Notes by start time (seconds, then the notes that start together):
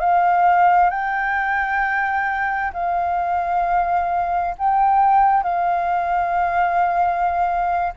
0.00 F5
0.90 G5
2.74 F5
4.58 G5
5.43 F5